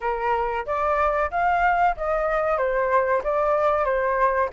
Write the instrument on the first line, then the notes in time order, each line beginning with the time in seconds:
flute
0.01 A#4
0.66 D5
1.30 F5
1.96 D#5
2.57 C5
3.23 D5
3.84 C5